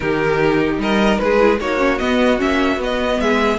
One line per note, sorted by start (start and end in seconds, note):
0.00 0.78 D#3
0.00 1.38 D#4
0.00 0.81 G4
0.00 0.79 A#4
0.78 1.18 G3
0.78 1.21 A#4
0.78 1.18 D#5
1.18 1.59 G#3
1.18 1.60 G#4
1.18 1.58 B4
1.39 1.59 E4
1.60 2.00 A#3
1.60 1.78 D#4
1.60 3.20 F#4
1.60 1.98 C#5
1.78 1.98 C#4
1.98 2.38 B3
1.98 2.41 B3
1.98 2.38 D#5
2.38 2.77 A#3
2.38 2.78 C#4
2.38 2.81 E5
2.77 3.17 B3
2.77 3.58 B3
2.83 3.20 D#5
3.20 3.58 G#3
3.20 3.58 G#4
3.20 3.58 E5